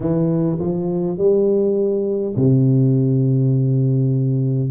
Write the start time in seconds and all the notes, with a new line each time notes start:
0.00 E3
0.58 F3
1.17 G3
2.35 C3